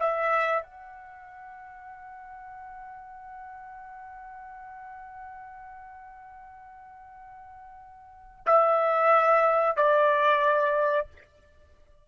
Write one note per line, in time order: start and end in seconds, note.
0.00 0.63 E5
0.63 8.45 F#5
8.46 9.76 E5
9.77 11.07 D5